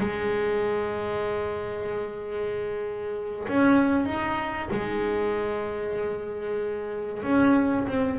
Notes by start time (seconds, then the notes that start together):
0.00 G#3
3.48 C#4
4.05 D#4
4.71 G#3
7.23 C#4
7.87 C4